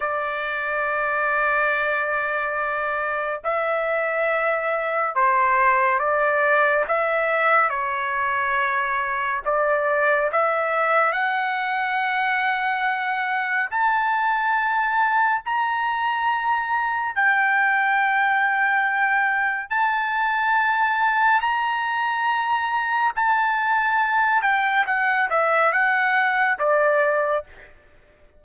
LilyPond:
\new Staff \with { instrumentName = "trumpet" } { \time 4/4 \tempo 4 = 70 d''1 | e''2 c''4 d''4 | e''4 cis''2 d''4 | e''4 fis''2. |
a''2 ais''2 | g''2. a''4~ | a''4 ais''2 a''4~ | a''8 g''8 fis''8 e''8 fis''4 d''4 | }